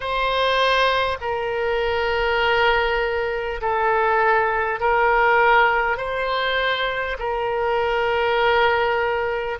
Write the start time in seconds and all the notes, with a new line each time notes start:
0.00 C5
1.20 A#4
3.61 A4
4.79 A#4
5.97 C5
7.18 A#4